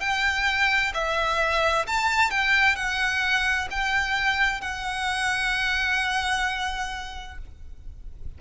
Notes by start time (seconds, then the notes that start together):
0.00 G5
0.94 E5
1.87 A5
2.30 G5
2.75 F#5
3.70 G5
4.61 F#5